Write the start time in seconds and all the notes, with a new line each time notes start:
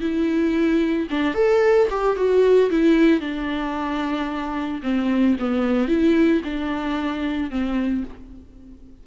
0.00 E4
1.10 D4
1.34 A4
1.90 G4
2.16 F#4
2.70 E4
3.20 D4
4.82 C4
5.39 B3
5.88 E4
6.44 D4
7.50 C4